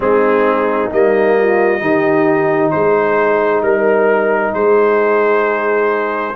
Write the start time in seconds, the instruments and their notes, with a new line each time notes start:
0.00 tuba G#3, trombone C4, horn D#4, trumpet G#4
0.91 tuba G3, trombone A#3, trumpet D#5
1.38 horn F4
1.78 tuba D#3, trombone D#4, horn G4
2.70 tuba G#3, horn G#4, trumpet C5
3.61 tuba G3, trumpet A#4, horn A#4
4.53 tuba G#3, horn G#4, trumpet C5